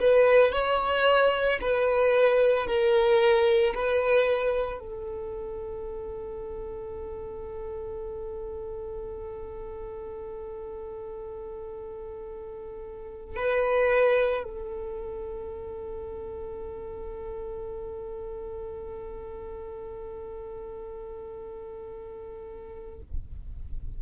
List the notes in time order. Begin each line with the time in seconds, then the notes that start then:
0.00 B4
0.52 C#5
1.61 B4
2.66 A#4
3.75 B4
4.79 A4
13.36 B4
14.44 A4